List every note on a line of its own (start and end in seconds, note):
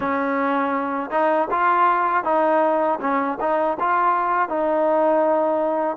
0.00 1.10 C#4
1.10 1.48 D#4
1.50 2.24 F4
2.24 2.99 D#4
3.00 3.38 C#4
3.40 3.77 D#4
3.79 4.48 F4
4.48 5.96 D#4